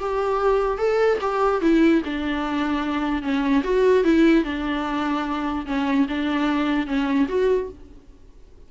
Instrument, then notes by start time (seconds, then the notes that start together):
viola
0.00 G4
0.78 A4
1.21 G4
1.62 E4
2.05 D4
3.22 C#4
3.64 F#4
4.04 E4
4.44 D4
5.66 C#4
6.09 D4
6.87 C#4
7.29 F#4